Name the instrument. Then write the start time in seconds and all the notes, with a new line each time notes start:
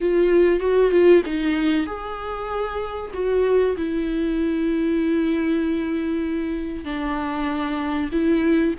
viola
0.00 F4
0.59 F#4
0.91 F4
1.25 D#4
1.86 G#4
3.13 F#4
3.76 E4
6.84 D4
8.12 E4